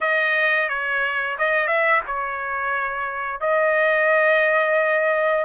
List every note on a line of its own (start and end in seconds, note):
0.00 0.68 D#5
0.68 1.37 C#5
1.38 1.67 D#5
1.67 2.01 E5
2.06 3.40 C#5
3.40 5.45 D#5